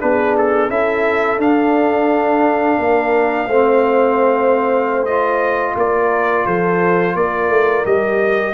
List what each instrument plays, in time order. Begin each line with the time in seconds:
0.00 tuba B3, trombone D4, horn G#4, trumpet B4
0.38 trumpet A4
0.69 tuba C#4, trombone E4, horn A4, trumpet E5
1.38 tuba D4, trombone D4, trumpet F5
2.79 tuba A#3, horn A#4
3.48 tuba A3, trombone C4, horn C5
5.05 trombone F4, trumpet D#5
5.76 tuba A#3, horn A#4, trumpet D5
6.46 tuba F3, horn A4, trumpet C5
7.15 tuba A#3, horn A#4, trumpet D5
7.49 tuba A3
7.85 tuba G3, trombone G4, trumpet D#5